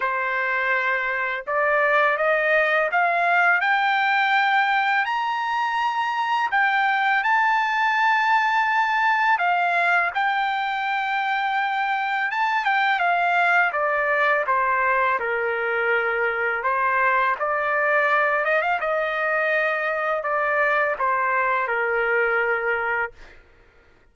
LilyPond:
\new Staff \with { instrumentName = "trumpet" } { \time 4/4 \tempo 4 = 83 c''2 d''4 dis''4 | f''4 g''2 ais''4~ | ais''4 g''4 a''2~ | a''4 f''4 g''2~ |
g''4 a''8 g''8 f''4 d''4 | c''4 ais'2 c''4 | d''4. dis''16 f''16 dis''2 | d''4 c''4 ais'2 | }